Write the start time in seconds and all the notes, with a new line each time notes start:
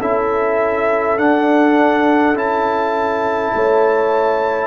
0.00 C#4 E4 A4 E5
1.17 D4 F#5
2.35 C#4 E4 A5
3.55 A3 C#5